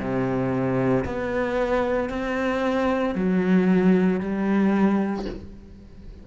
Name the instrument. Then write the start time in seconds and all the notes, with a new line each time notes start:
cello
0.00 C3
1.05 B3
2.10 C4
3.15 F#3
4.21 G3